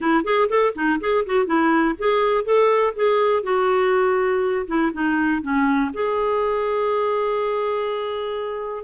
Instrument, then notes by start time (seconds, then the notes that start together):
clarinet
0.00 E4
0.24 G#4
0.49 A4
0.75 D#4
1.00 G#4
1.25 F#4
1.46 E4
1.98 G#4
2.44 A4
2.95 G#4
3.43 F#4
4.67 E4
4.92 D#4
5.42 C#4
5.93 G#4